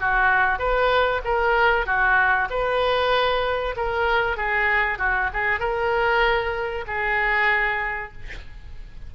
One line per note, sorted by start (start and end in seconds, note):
0.00 0.59 F#4
0.59 1.21 B4
1.25 1.86 A#4
1.86 2.49 F#4
2.50 3.75 B4
3.77 4.37 A#4
4.37 4.99 G#4
4.99 5.30 F#4
5.33 5.60 G#4
5.60 6.85 A#4
6.88 8.12 G#4